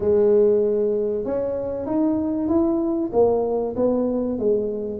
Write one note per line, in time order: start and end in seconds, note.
0.00 1.24 G#3
1.24 1.86 C#4
1.86 2.48 D#4
2.48 3.11 E4
3.12 3.75 A#3
3.76 4.38 B3
4.38 4.99 G#3